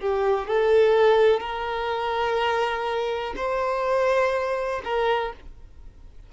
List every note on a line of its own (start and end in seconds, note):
0.00 0.48 G4
0.48 1.40 A4
1.40 3.34 A#4
3.36 4.81 C5
4.84 5.33 A#4